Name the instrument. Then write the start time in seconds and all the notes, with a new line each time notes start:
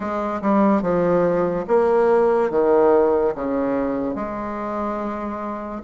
bassoon
0.00 G#3
0.41 G3
0.82 F3
1.67 A#3
2.50 D#3
3.34 C#3
4.15 G#3